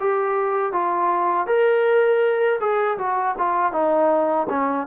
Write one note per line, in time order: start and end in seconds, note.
0.00 0.72 G4
0.72 1.47 F4
1.47 2.59 A#4
2.60 2.98 G#4
2.98 3.35 F#4
3.38 3.72 F4
3.72 4.47 D#4
4.49 4.86 C#4